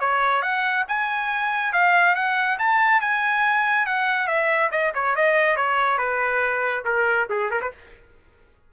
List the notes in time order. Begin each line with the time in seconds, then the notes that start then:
0.00 C#5
0.42 F#5
0.88 G#5
1.73 F5
2.15 F#5
2.59 A5
3.01 G#5
3.86 F#5
4.27 E5
4.71 D#5
4.94 C#5
5.16 D#5
5.56 C#5
5.98 B4
6.85 A#4
7.30 G#4
7.50 A#4
7.61 B4